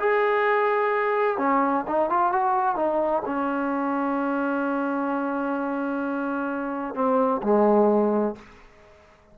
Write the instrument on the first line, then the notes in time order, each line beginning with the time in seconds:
trombone
0.00 G#4
1.38 C#4
1.88 D#4
2.10 F4
2.33 F#4
2.76 D#4
3.26 C#4
6.95 C4
7.43 G#3